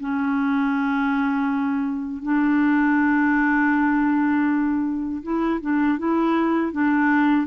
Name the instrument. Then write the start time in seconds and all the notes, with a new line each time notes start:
clarinet
0.00 C#4
2.22 D4
5.23 E4
5.61 D4
5.98 E4
6.72 D4